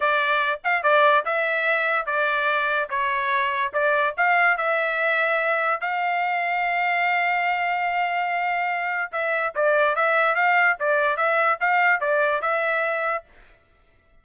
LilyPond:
\new Staff \with { instrumentName = "trumpet" } { \time 4/4 \tempo 4 = 145 d''4. f''8 d''4 e''4~ | e''4 d''2 cis''4~ | cis''4 d''4 f''4 e''4~ | e''2 f''2~ |
f''1~ | f''2 e''4 d''4 | e''4 f''4 d''4 e''4 | f''4 d''4 e''2 | }